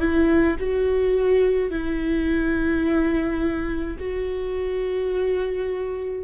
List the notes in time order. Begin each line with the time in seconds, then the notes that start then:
0.00 E4
0.60 F#4
1.71 E4
3.99 F#4